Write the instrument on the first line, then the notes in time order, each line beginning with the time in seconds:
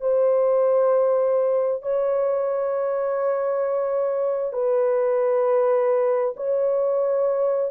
horn
0.00 C5
1.82 C#5
4.52 B4
6.36 C#5